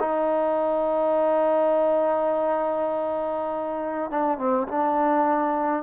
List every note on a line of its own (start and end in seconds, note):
0.00 4.11 D#4
4.11 4.39 D4
4.39 4.68 C4
4.68 5.83 D4